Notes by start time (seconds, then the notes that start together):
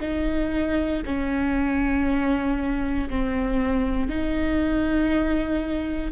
0.00 D#4
1.05 C#4
3.09 C4
4.08 D#4